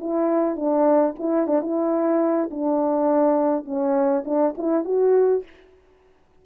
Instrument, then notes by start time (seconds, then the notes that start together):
horn
0.00 E4
0.56 D4
1.19 E4
1.47 D4
1.61 E4
2.51 D4
3.65 C#4
4.25 D4
4.57 E4
4.85 F#4